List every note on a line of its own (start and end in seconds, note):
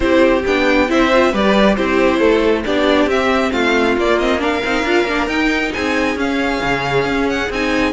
0.00 0.44 C4
0.00 0.43 E4
0.00 0.90 G4
0.00 0.43 C5
0.46 0.89 B3
0.46 0.88 D4
0.46 0.90 G5
0.88 1.33 C4
0.88 1.10 E4
0.88 1.31 C5
0.88 1.34 E5
1.14 1.33 F4
1.31 1.77 G3
1.31 1.77 G4
1.31 1.75 B4
1.31 1.75 D5
1.75 2.20 C4
1.75 2.65 E4
1.75 2.19 G4
1.75 2.63 C5
2.19 2.64 A3
2.19 2.63 A4
2.65 3.06 B3
2.65 3.10 D4
2.65 3.52 G4
2.65 3.09 D5
3.06 3.50 C4
3.06 3.98 C4
3.06 3.52 E5
3.52 3.96 A3
3.52 4.40 F4
3.52 3.96 F5
3.97 4.63 A#3
3.97 4.20 A#3
3.97 4.18 D5
4.18 4.38 C4
4.18 4.40 D#5
4.38 4.60 D4
4.38 5.72 A#4
4.38 5.28 F5
4.64 4.83 C4
4.64 4.85 D#4
4.83 5.04 D4
4.83 5.07 F4
5.04 5.26 A#3
5.04 5.29 D4
5.26 5.70 D#4
5.26 6.16 D#4
5.26 5.72 G5
5.73 6.15 C4
5.73 7.92 G#4
5.73 6.17 G#5
6.15 6.59 C#4
6.15 7.49 C#4
6.15 7.29 F5
6.62 7.04 C#3
7.04 7.48 C#4
7.29 7.51 F#5
7.49 7.92 C4
7.49 7.92 D#4
7.49 7.92 G#5